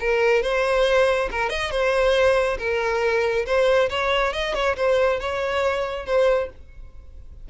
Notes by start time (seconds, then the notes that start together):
0.00 A#4
0.42 C5
1.31 A#4
1.49 D#5
1.71 C5
2.58 A#4
3.46 C5
3.90 C#5
4.33 D#5
4.54 C#5
4.76 C5
5.20 C#5
6.06 C5